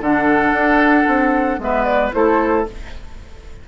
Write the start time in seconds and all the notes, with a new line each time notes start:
0.00 D3 D4 A4 F#5
0.52 D4
1.07 C4
1.58 G#3 B3 B4 E5
1.84 D5
2.12 A3 E4 A4 C5